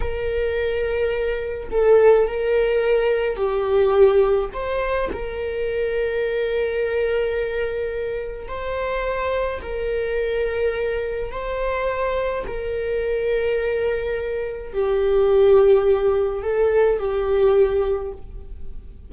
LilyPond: \new Staff \with { instrumentName = "viola" } { \time 4/4 \tempo 4 = 106 ais'2. a'4 | ais'2 g'2 | c''4 ais'2.~ | ais'2. c''4~ |
c''4 ais'2. | c''2 ais'2~ | ais'2 g'2~ | g'4 a'4 g'2 | }